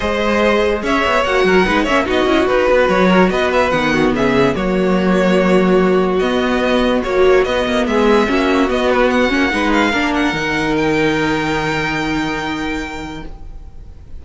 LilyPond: <<
  \new Staff \with { instrumentName = "violin" } { \time 4/4 \tempo 4 = 145 dis''2 e''4 fis''4~ | fis''8 e''8 dis''4 b'4 cis''4 | dis''8 e''8 fis''4 e''4 cis''4~ | cis''2. dis''4~ |
dis''4 cis''4 dis''4 e''4~ | e''4 dis''8 b'8 fis''4. f''8~ | f''8 fis''4. g''2~ | g''1 | }
  \new Staff \with { instrumentName = "violin" } { \time 4/4 c''2 cis''4. ais'8 | b'8 cis''8 fis'4. b'4 ais'8 | b'4. fis'8 gis'4 fis'4~ | fis'1~ |
fis'2. gis'4 | fis'2. b'4 | ais'1~ | ais'1 | }
  \new Staff \with { instrumentName = "viola" } { \time 4/4 gis'2. fis'4 | dis'8 cis'8 dis'8 e'8 fis'2~ | fis'4 b2 ais4~ | ais2. b4~ |
b4 fis4 b2 | cis'4 b4. cis'8 dis'4 | d'4 dis'2.~ | dis'1 | }
  \new Staff \with { instrumentName = "cello" } { \time 4/4 gis2 cis'8 b8 ais8 fis8 | gis8 ais8 b8 cis'8 dis'8 b8 fis4 | b4 dis4 cis4 fis4~ | fis2. b4~ |
b4 ais4 b8 ais8 gis4 | ais4 b4. ais8 gis4 | ais4 dis2.~ | dis1 | }
>>